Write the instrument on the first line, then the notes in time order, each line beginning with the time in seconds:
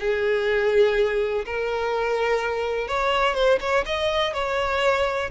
violin
0.00 G#4
1.46 A#4
2.88 C#5
3.35 C5
3.60 C#5
3.86 D#5
4.34 C#5